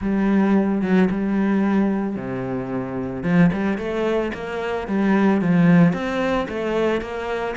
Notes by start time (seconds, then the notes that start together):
0.01 G3
0.81 F#3
1.10 G3
2.16 C3
3.23 F3
3.52 G3
3.77 A3
4.33 A#3
4.87 G3
5.41 F3
5.93 C4
6.48 A3
7.01 A#3